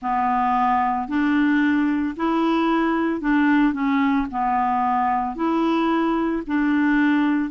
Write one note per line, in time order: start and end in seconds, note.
0.02 1.08 B3
1.08 2.15 D4
2.16 3.20 E4
3.20 3.73 D4
3.73 4.27 C#4
4.31 5.35 B3
5.35 6.42 E4
6.46 7.50 D4